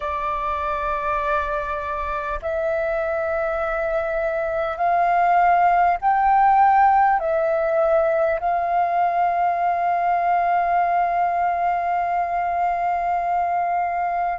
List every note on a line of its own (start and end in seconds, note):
0.00 2.39 D5
2.42 4.77 E5
4.77 5.97 F5
6.01 7.19 G5
7.19 8.39 E5
8.39 14.38 F5